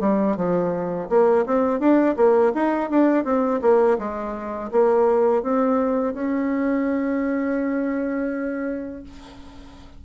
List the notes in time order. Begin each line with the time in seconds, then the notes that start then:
0.00 G3
0.36 F3
1.09 A#3
1.46 C4
1.79 D4
2.16 A#3
2.54 D#4
2.90 D4
3.24 C4
3.61 A#3
3.98 G#3
4.72 A#3
5.43 C4
6.14 C#4